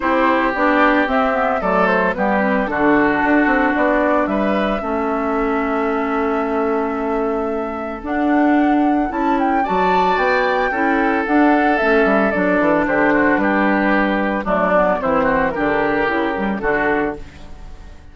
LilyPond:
<<
  \new Staff \with { instrumentName = "flute" } { \time 4/4 \tempo 4 = 112 c''4 d''4 e''4 d''8 c''8 | b'4 a'2 d''4 | e''1~ | e''2. fis''4~ |
fis''4 a''8 g''8 a''4 g''4~ | g''4 fis''4 e''4 d''4 | c''4 b'2 d''4 | c''4 ais'2 a'4 | }
  \new Staff \with { instrumentName = "oboe" } { \time 4/4 g'2. a'4 | g'4 fis'2. | b'4 a'2.~ | a'1~ |
a'2 d''2 | a'1 | g'8 fis'8 g'2 d'4 | e'8 fis'8 g'2 fis'4 | }
  \new Staff \with { instrumentName = "clarinet" } { \time 4/4 e'4 d'4 c'8 b8 a4 | b8 c'8 d'2.~ | d'4 cis'2.~ | cis'2. d'4~ |
d'4 e'4 fis'2 | e'4 d'4 cis'4 d'4~ | d'2. a8 b8 | c'4 d'4 e'8 g8 d'4 | }
  \new Staff \with { instrumentName = "bassoon" } { \time 4/4 c'4 b4 c'4 fis4 | g4 d4 d'8 c'8 b4 | g4 a2.~ | a2. d'4~ |
d'4 cis'4 fis4 b4 | cis'4 d'4 a8 g8 fis8 e8 | d4 g2 fis4 | e4 d4 cis4 d4 | }
>>